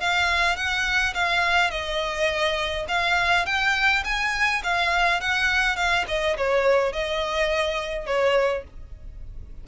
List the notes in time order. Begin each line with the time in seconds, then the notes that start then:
0.00 F5
0.56 F#5
1.14 F5
1.70 D#5
2.88 F5
3.45 G5
4.04 G#5
4.63 F5
5.20 F#5
5.76 F5
6.07 D#5
6.37 C#5
6.92 D#5
8.06 C#5